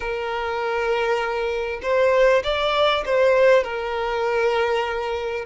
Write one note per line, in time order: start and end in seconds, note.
0.00 1.80 A#4
1.82 2.42 C5
2.43 3.04 D5
3.05 3.63 C5
3.63 5.45 A#4